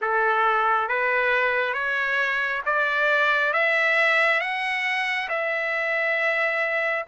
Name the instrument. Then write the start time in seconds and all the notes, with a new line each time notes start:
trumpet
0.01 A4
0.88 B4
1.73 C#5
2.65 D5
3.53 E5
4.40 F#5
5.28 E5